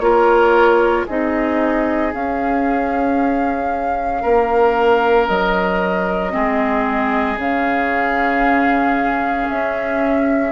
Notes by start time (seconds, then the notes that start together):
0.00 A#3 F4 A#4 C#5
1.07 C4 D#4 G#4 D#5
2.13 C#4 F5
4.22 A#3 A#4
5.28 F#3 D#5
6.31 G#3 C4 G#4
7.37 C#3 C#4 F5
9.50 C#4 E5